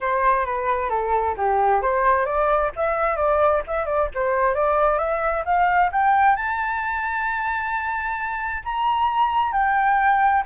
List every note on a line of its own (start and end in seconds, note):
0.00 0.45 C5
0.45 0.89 B4
0.89 1.35 A4
1.37 1.82 G4
1.82 2.25 C5
2.25 2.70 D5
2.76 3.16 E5
3.16 3.62 D5
3.67 3.85 E5
3.85 4.08 D5
4.14 4.54 C5
4.54 4.98 D5
4.98 5.43 E5
5.45 5.90 F5
5.92 6.36 G5
6.36 8.63 A5
8.64 9.52 A#5
9.52 10.43 G5